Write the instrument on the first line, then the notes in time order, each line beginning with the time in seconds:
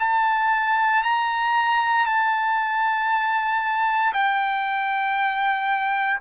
trumpet
0.00 A5
1.03 A#5
2.06 A5
4.13 G5